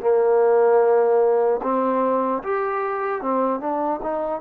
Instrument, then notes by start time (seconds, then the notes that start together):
trombone
0.00 A#3
1.62 C4
2.43 G4
3.21 C4
3.60 D4
4.02 D#4